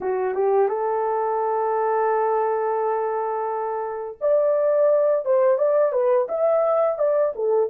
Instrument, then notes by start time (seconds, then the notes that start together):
horn
0.01 F#4
0.34 G4
0.68 A4
4.20 D5
5.25 C5
5.58 D5
5.92 B4
6.28 E5
6.98 D5
7.35 A4